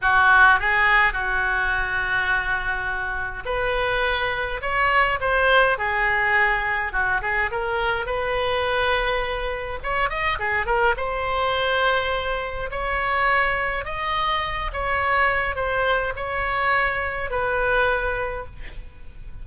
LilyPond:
\new Staff \with { instrumentName = "oboe" } { \time 4/4 \tempo 4 = 104 fis'4 gis'4 fis'2~ | fis'2 b'2 | cis''4 c''4 gis'2 | fis'8 gis'8 ais'4 b'2~ |
b'4 cis''8 dis''8 gis'8 ais'8 c''4~ | c''2 cis''2 | dis''4. cis''4. c''4 | cis''2 b'2 | }